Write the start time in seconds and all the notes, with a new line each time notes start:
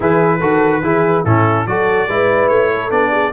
0.00 E3 E4 G#4 B4
0.39 D#3 F#4 A4
0.82 E3 E4 G#4
1.24 A2 C#4 E4 A4
1.66 F#3 F#4 A4 D5
2.07 G#3 E4 B4
2.48 A3 C#5
2.71 A4
2.90 B3 D4 D5
3.10 G#4